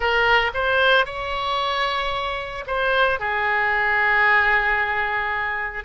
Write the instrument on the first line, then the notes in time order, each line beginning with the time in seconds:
oboe
0.00 A#4
0.53 C5
1.05 C#5
2.67 C5
3.19 G#4